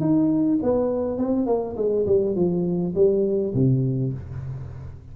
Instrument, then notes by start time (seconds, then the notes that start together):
tuba
0.00 D#4
0.63 B3
1.18 C4
1.46 A#3
1.76 G#3
2.06 G3
2.36 F3
2.95 G3
3.54 C3